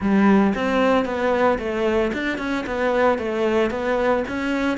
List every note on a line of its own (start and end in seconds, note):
0.00 0.53 G3
0.54 1.05 C4
1.05 1.58 B3
1.58 2.11 A3
2.13 2.38 D4
2.38 2.64 C#4
2.66 3.18 B3
3.18 3.70 A3
3.70 4.23 B3
4.27 4.77 C#4